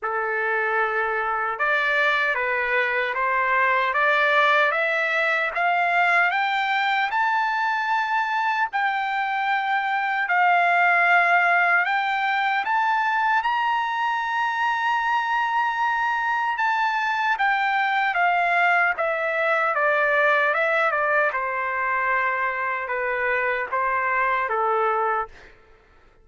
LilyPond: \new Staff \with { instrumentName = "trumpet" } { \time 4/4 \tempo 4 = 76 a'2 d''4 b'4 | c''4 d''4 e''4 f''4 | g''4 a''2 g''4~ | g''4 f''2 g''4 |
a''4 ais''2.~ | ais''4 a''4 g''4 f''4 | e''4 d''4 e''8 d''8 c''4~ | c''4 b'4 c''4 a'4 | }